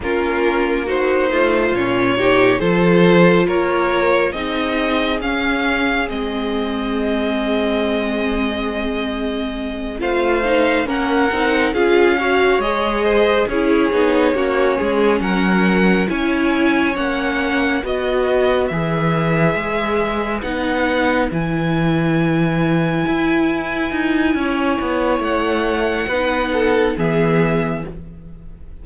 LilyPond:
<<
  \new Staff \with { instrumentName = "violin" } { \time 4/4 \tempo 4 = 69 ais'4 c''4 cis''4 c''4 | cis''4 dis''4 f''4 dis''4~ | dis''2.~ dis''8 f''8~ | f''8 fis''4 f''4 dis''4 cis''8~ |
cis''4. fis''4 gis''4 fis''8~ | fis''8 dis''4 e''2 fis''8~ | fis''8 gis''2.~ gis''8~ | gis''4 fis''2 e''4 | }
  \new Staff \with { instrumentName = "violin" } { \time 4/4 f'4 fis'8 f'4 g'8 a'4 | ais'4 gis'2.~ | gis'2.~ gis'8 c''8~ | c''8 ais'4 gis'8 cis''4 c''8 gis'8~ |
gis'8 fis'8 gis'8 ais'4 cis''4.~ | cis''8 b'2.~ b'8~ | b'1 | cis''2 b'8 a'8 gis'4 | }
  \new Staff \with { instrumentName = "viola" } { \time 4/4 cis'4 dis'4 cis'8 dis'8 f'4~ | f'4 dis'4 cis'4 c'4~ | c'2.~ c'8 f'8 | dis'8 cis'8 dis'8 f'8 fis'8 gis'4 e'8 |
dis'8 cis'2 e'4 cis'8~ | cis'8 fis'4 gis'2 dis'8~ | dis'8 e'2.~ e'8~ | e'2 dis'4 b4 | }
  \new Staff \with { instrumentName = "cello" } { \time 4/4 ais4. a8 ais,4 f4 | ais4 c'4 cis'4 gis4~ | gis2.~ gis8 a8~ | a8 ais8 c'8 cis'4 gis4 cis'8 |
b8 ais8 gis8 fis4 cis'4 ais8~ | ais8 b4 e4 gis4 b8~ | b8 e2 e'4 dis'8 | cis'8 b8 a4 b4 e4 | }
>>